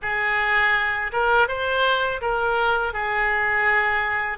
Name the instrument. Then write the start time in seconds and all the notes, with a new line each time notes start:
oboe
0.02 G#4
1.12 A#4
1.47 C5
2.21 A#4
2.93 G#4